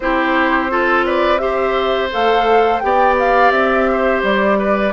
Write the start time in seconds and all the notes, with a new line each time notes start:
0.00 C4 E4 G4 C5
0.70 F4 A4
1.05 B4 D5
1.38 G4 C5 E5
2.12 A3 A4 F5
2.79 B3 G4 D5 G5
3.19 F5
3.51 C4 E5
3.91 C5
4.22 G3 D5
4.58 B4